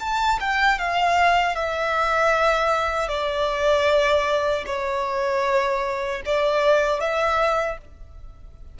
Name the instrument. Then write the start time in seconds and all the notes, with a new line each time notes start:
violin
0.00 A5
0.41 G5
0.79 F5
1.56 E5
3.09 D5
4.66 C#5
6.26 D5
7.00 E5